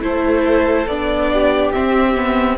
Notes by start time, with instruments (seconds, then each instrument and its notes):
0.00 cello A3, viola E4, violin A4 C5
0.87 cello B3, viola D4, violin D5
1.33 violin G4
1.72 viola C4, cello C4, violin E5
2.15 viola B3